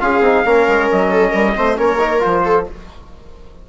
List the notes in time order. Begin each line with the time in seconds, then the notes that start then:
0.00 C#4 F4 G#4 F5
0.21 C4 D#4
0.45 A#3 C#4 A#4
0.68 G#3
0.91 F#3 D#5
1.11 A4
1.30 G3 A#4
1.56 A3 C4 C5
1.76 A#3 C#4 A#4 C#5
1.99 D#4
2.20 F3 F4 C5
2.45 A4